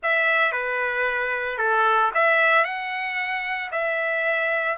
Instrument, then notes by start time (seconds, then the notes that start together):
trumpet
0.03 E5
0.51 B4
1.58 A4
2.14 E5
2.64 F#5
3.71 E5